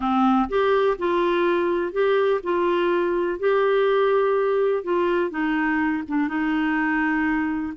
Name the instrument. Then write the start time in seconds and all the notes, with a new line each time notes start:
clarinet
0.00 C4
0.49 G4
0.98 F4
1.92 G4
2.43 F4
3.39 G4
4.83 F4
5.30 D#4
6.07 D4
6.28 D#4